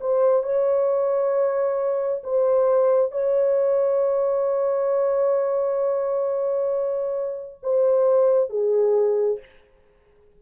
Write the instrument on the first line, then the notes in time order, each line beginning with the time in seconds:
horn
0.00 C5
0.43 C#5
2.23 C5
3.11 C#5
7.63 C5
8.50 G#4